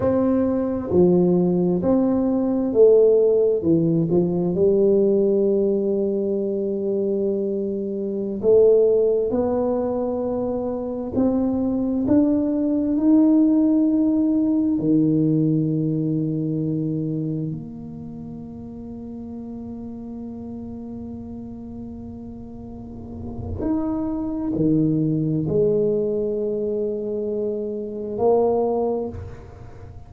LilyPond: \new Staff \with { instrumentName = "tuba" } { \time 4/4 \tempo 4 = 66 c'4 f4 c'4 a4 | e8 f8 g2.~ | g4~ g16 a4 b4.~ b16~ | b16 c'4 d'4 dis'4.~ dis'16~ |
dis'16 dis2. ais8.~ | ais1~ | ais2 dis'4 dis4 | gis2. ais4 | }